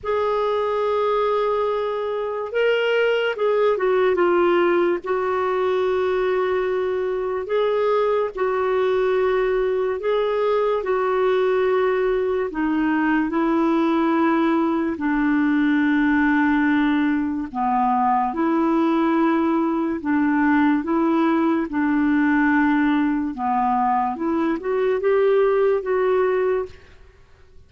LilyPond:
\new Staff \with { instrumentName = "clarinet" } { \time 4/4 \tempo 4 = 72 gis'2. ais'4 | gis'8 fis'8 f'4 fis'2~ | fis'4 gis'4 fis'2 | gis'4 fis'2 dis'4 |
e'2 d'2~ | d'4 b4 e'2 | d'4 e'4 d'2 | b4 e'8 fis'8 g'4 fis'4 | }